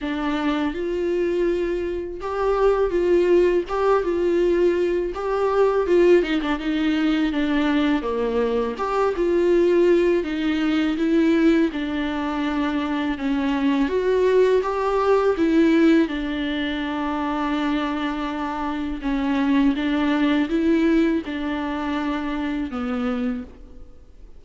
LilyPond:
\new Staff \with { instrumentName = "viola" } { \time 4/4 \tempo 4 = 82 d'4 f'2 g'4 | f'4 g'8 f'4. g'4 | f'8 dis'16 d'16 dis'4 d'4 ais4 | g'8 f'4. dis'4 e'4 |
d'2 cis'4 fis'4 | g'4 e'4 d'2~ | d'2 cis'4 d'4 | e'4 d'2 b4 | }